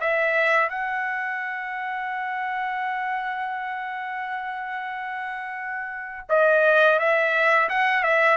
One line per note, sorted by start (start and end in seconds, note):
0.00 0.69 E5
0.69 6.27 F#5
6.29 6.99 D#5
6.99 7.68 E5
7.69 8.03 F#5
8.03 8.37 E5